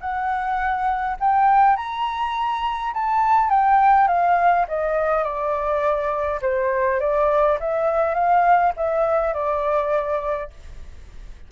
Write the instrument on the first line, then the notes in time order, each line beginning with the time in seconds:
flute
0.00 F#5
1.20 G5
1.76 A#5
2.93 A5
3.50 G5
4.08 F5
4.68 D#5
5.23 D5
6.41 C5
7.00 D5
7.60 E5
8.14 F5
8.76 E5
9.33 D5